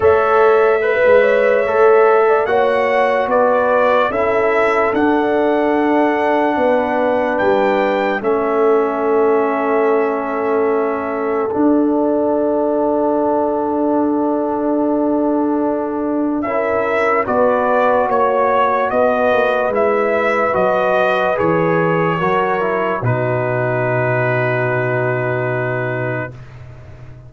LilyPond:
<<
  \new Staff \with { instrumentName = "trumpet" } { \time 4/4 \tempo 4 = 73 e''2. fis''4 | d''4 e''4 fis''2~ | fis''4 g''4 e''2~ | e''2 fis''2~ |
fis''1 | e''4 d''4 cis''4 dis''4 | e''4 dis''4 cis''2 | b'1 | }
  \new Staff \with { instrumentName = "horn" } { \time 4/4 cis''4 b'8 cis''4~ cis''16 d''16 cis''4 | b'4 a'2. | b'2 a'2~ | a'1~ |
a'1 | ais'4 b'4 cis''4 b'4~ | b'2. ais'4 | fis'1 | }
  \new Staff \with { instrumentName = "trombone" } { \time 4/4 a'4 b'4 a'4 fis'4~ | fis'4 e'4 d'2~ | d'2 cis'2~ | cis'2 d'2~ |
d'1 | e'4 fis'2. | e'4 fis'4 gis'4 fis'8 e'8 | dis'1 | }
  \new Staff \with { instrumentName = "tuba" } { \time 4/4 a4~ a16 gis8. a4 ais4 | b4 cis'4 d'2 | b4 g4 a2~ | a2 d'2~ |
d'1 | cis'4 b4 ais4 b8 ais8 | gis4 fis4 e4 fis4 | b,1 | }
>>